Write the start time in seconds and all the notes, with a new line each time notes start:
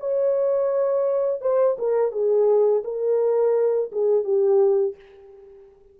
0.00 C#5
1.41 C5
1.79 A#4
2.12 G#4
2.84 A#4
3.92 G#4
4.24 G4